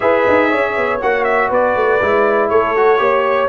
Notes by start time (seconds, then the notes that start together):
0.00 E4 G#4 B4 E5
0.27 D#4
0.49 C#4 C#5
0.76 B3
1.01 A#3 F#4 F#5
1.23 E5
1.49 B3 B4 D5
1.75 A3
2.01 G#3 E4
2.49 A3 A4 C#5
2.76 F#4
2.98 A#3 G4 C#5